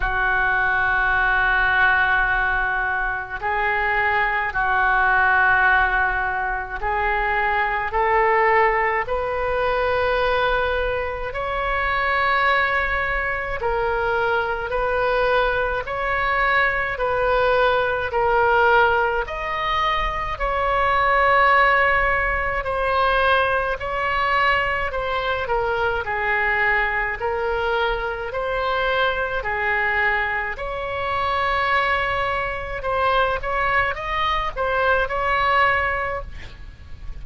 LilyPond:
\new Staff \with { instrumentName = "oboe" } { \time 4/4 \tempo 4 = 53 fis'2. gis'4 | fis'2 gis'4 a'4 | b'2 cis''2 | ais'4 b'4 cis''4 b'4 |
ais'4 dis''4 cis''2 | c''4 cis''4 c''8 ais'8 gis'4 | ais'4 c''4 gis'4 cis''4~ | cis''4 c''8 cis''8 dis''8 c''8 cis''4 | }